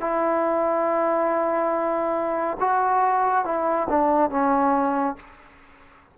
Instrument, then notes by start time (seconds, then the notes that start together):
trombone
0.00 E4
2.59 F#4
3.45 E4
3.89 D4
4.31 C#4